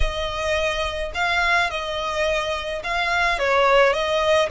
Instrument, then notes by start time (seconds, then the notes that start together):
violin
0.00 D#5
1.14 F5
1.70 D#5
2.83 F5
3.38 C#5
3.93 D#5